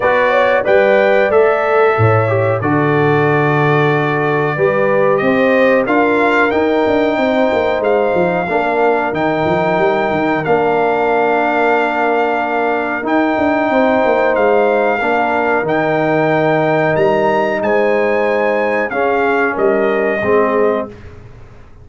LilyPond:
<<
  \new Staff \with { instrumentName = "trumpet" } { \time 4/4 \tempo 4 = 92 d''4 g''4 e''2 | d''1 | dis''4 f''4 g''2 | f''2 g''2 |
f''1 | g''2 f''2 | g''2 ais''4 gis''4~ | gis''4 f''4 dis''2 | }
  \new Staff \with { instrumentName = "horn" } { \time 4/4 b'8 cis''8 d''2 cis''4 | a'2. b'4 | c''4 ais'2 c''4~ | c''4 ais'2.~ |
ais'1~ | ais'4 c''2 ais'4~ | ais'2. c''4~ | c''4 gis'4 ais'4 gis'4 | }
  \new Staff \with { instrumentName = "trombone" } { \time 4/4 fis'4 b'4 a'4. g'8 | fis'2. g'4~ | g'4 f'4 dis'2~ | dis'4 d'4 dis'2 |
d'1 | dis'2. d'4 | dis'1~ | dis'4 cis'2 c'4 | }
  \new Staff \with { instrumentName = "tuba" } { \time 4/4 b4 g4 a4 a,4 | d2. g4 | c'4 d'4 dis'8 d'8 c'8 ais8 | gis8 f8 ais4 dis8 f8 g8 dis8 |
ais1 | dis'8 d'8 c'8 ais8 gis4 ais4 | dis2 g4 gis4~ | gis4 cis'4 g4 gis4 | }
>>